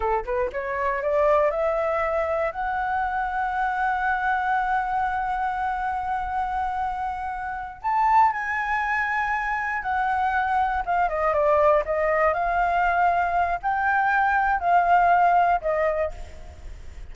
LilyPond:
\new Staff \with { instrumentName = "flute" } { \time 4/4 \tempo 4 = 119 a'8 b'8 cis''4 d''4 e''4~ | e''4 fis''2.~ | fis''1~ | fis''2.~ fis''8 a''8~ |
a''8 gis''2. fis''8~ | fis''4. f''8 dis''8 d''4 dis''8~ | dis''8 f''2~ f''8 g''4~ | g''4 f''2 dis''4 | }